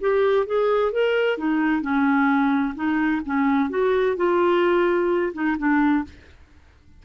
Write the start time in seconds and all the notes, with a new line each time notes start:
0.00 G4
0.46 G#4
0.92 A#4
1.37 D#4
1.81 C#4
2.75 D#4
3.26 C#4
3.70 F#4
4.16 F4
5.33 D#4
5.58 D4